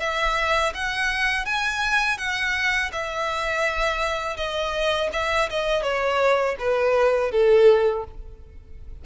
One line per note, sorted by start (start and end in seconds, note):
0.00 0.73 E5
0.74 1.45 F#5
1.45 2.18 G#5
2.18 2.91 F#5
2.92 4.37 E5
4.37 5.10 D#5
5.13 5.49 E5
5.50 5.83 D#5
5.83 6.56 C#5
6.59 7.31 B4
7.31 8.05 A4